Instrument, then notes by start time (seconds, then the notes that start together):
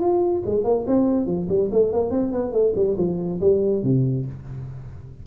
tuba
0.00 F4
0.46 G#3
0.64 A#3
0.87 C4
1.26 F3
1.49 G3
1.72 A3
1.92 A#3
2.11 C4
2.32 B3
2.52 A3
2.75 G3
2.97 F3
3.40 G3
3.83 C3